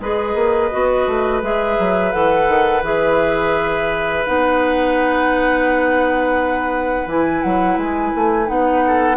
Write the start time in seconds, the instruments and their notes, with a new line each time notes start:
0.00 bassoon G#3, clarinet G#4, oboe B4, flute D#5
0.35 bassoon A#3
0.71 bassoon B3, clarinet F#4
1.07 bassoon A3
1.42 bassoon G#3, clarinet G#4, flute E5
1.79 bassoon F#3
2.12 bassoon E3, clarinet A4, flute F#5
2.47 bassoon D#3
2.82 bassoon E3, clarinet G#4, flute E5
4.26 bassoon B3, clarinet D#4, flute F#5
7.06 bassoon E3, clarinet E4, flute G#5
7.42 bassoon F#3, flute F#5
7.77 bassoon G#3, flute G#5
8.15 bassoon A3
8.46 bassoon B3, clarinet D#4, flute F#5
8.87 oboe A4